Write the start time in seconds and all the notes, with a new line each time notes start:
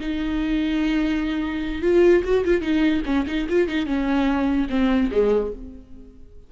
0.00 D#4
1.82 F4
2.24 F#4
2.45 F4
2.61 D#4
3.05 C#4
3.27 D#4
3.49 F4
3.68 D#4
3.85 C#4
4.69 C4
5.11 G#3